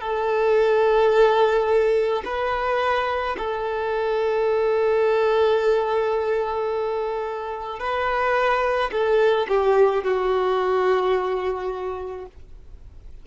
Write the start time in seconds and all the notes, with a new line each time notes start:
0.00 A4
2.25 B4
3.38 A4
7.79 B4
8.91 A4
9.48 G4
10.04 F#4